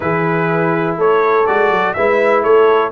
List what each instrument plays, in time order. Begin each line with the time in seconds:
0.00 tuba E3, trombone E4, horn G#4, trumpet B4
0.97 tuba A3, horn A4, trumpet C#5
1.46 tuba G#3, trombone F#4, trumpet D5
1.70 tuba F#3
1.93 tuba G#3, trombone E4, horn B4, trumpet E5
2.43 tuba A3, horn A4, trumpet C#5